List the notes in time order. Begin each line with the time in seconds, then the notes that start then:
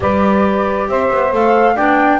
0.00 G3 G4 B4 D5
0.88 C4 C5 E5
1.10 B3
1.32 A3 A4 F5
1.75 B3 D4 D5 G5